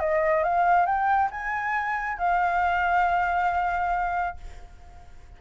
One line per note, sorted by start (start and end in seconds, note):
0.00 0.44 D#5
0.44 0.86 F5
0.86 1.30 G5
1.31 2.18 G#5
2.18 4.37 F5